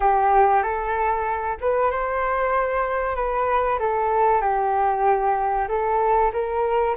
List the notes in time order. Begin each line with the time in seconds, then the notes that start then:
0.00 G4
0.62 A4
1.60 B4
1.90 C5
3.16 B4
3.79 A4
4.41 G4
5.68 A4
6.32 A#4